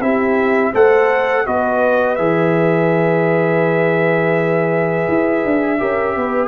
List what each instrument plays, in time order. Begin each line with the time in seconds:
0.00 tuba C4, trombone E4, horn G4, trumpet E5
0.73 tuba A3, trombone A4, horn C5, trumpet F#5
1.47 tuba B3, trombone F#4, horn B4, trumpet D#5
2.16 tuba E3, trombone G#4, trumpet E5
5.08 tuba E4
5.45 tuba D4
5.79 tuba C#4, trombone G4, horn A#4
6.16 tuba B3, horn B4